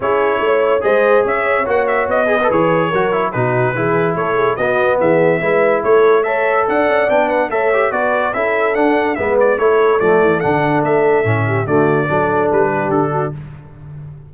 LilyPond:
<<
  \new Staff \with { instrumentName = "trumpet" } { \time 4/4 \tempo 4 = 144 cis''2 dis''4 e''4 | fis''8 e''8 dis''4 cis''2 | b'2 cis''4 dis''4 | e''2 cis''4 e''4 |
fis''4 g''8 fis''8 e''4 d''4 | e''4 fis''4 e''8 d''8 cis''4 | d''4 fis''4 e''2 | d''2 b'4 a'4 | }
  \new Staff \with { instrumentName = "horn" } { \time 4/4 gis'4 cis''4 c''4 cis''4~ | cis''4. b'4. ais'4 | fis'4 gis'4 a'8 gis'8 fis'4 | gis'4 b'4 a'4 cis''4 |
d''4. b'8 cis''4 b'4 | a'2 b'4 a'4~ | a'2.~ a'8 g'8 | fis'4 a'4. g'4 fis'8 | }
  \new Staff \with { instrumentName = "trombone" } { \time 4/4 e'2 gis'2 | fis'4. gis'16 a'16 gis'4 fis'8 e'8 | dis'4 e'2 b4~ | b4 e'2 a'4~ |
a'4 d'4 a'8 g'8 fis'4 | e'4 d'4 b4 e'4 | a4 d'2 cis'4 | a4 d'2. | }
  \new Staff \with { instrumentName = "tuba" } { \time 4/4 cis'4 a4 gis4 cis'4 | ais4 b4 e4 fis4 | b,4 e4 a4 b4 | e4 gis4 a2 |
d'8 cis'8 b4 a4 b4 | cis'4 d'4 gis4 a4 | f8 e8 d4 a4 a,4 | d4 fis4 g4 d4 | }
>>